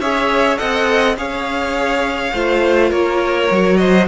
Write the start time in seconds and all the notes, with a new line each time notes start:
0.00 C#4 G#4 C#5 E5
0.57 C4 A4 D#5 F#5
1.16 C#4 G#4 C#5 F5
2.33 A3 F4 C5
2.90 A#3 A#4 C#5
3.51 F#3 F#4
3.77 C5 D#5